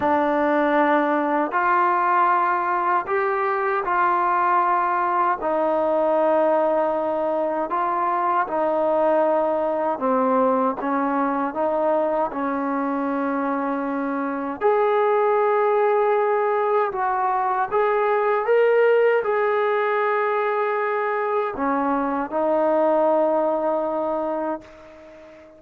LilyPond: \new Staff \with { instrumentName = "trombone" } { \time 4/4 \tempo 4 = 78 d'2 f'2 | g'4 f'2 dis'4~ | dis'2 f'4 dis'4~ | dis'4 c'4 cis'4 dis'4 |
cis'2. gis'4~ | gis'2 fis'4 gis'4 | ais'4 gis'2. | cis'4 dis'2. | }